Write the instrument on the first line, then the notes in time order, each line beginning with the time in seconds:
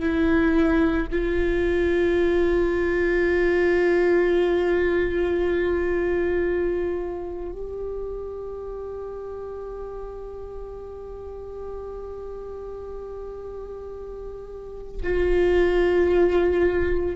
viola
0.00 E4
1.12 F4
7.52 G4
15.03 F4